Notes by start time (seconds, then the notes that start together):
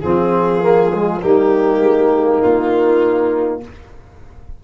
0.00 F3 C4 F4 G#4
0.62 A#3
0.93 G#3
1.21 G3 A#3 D#4 G4
1.80 G#3
2.41 A#3 F4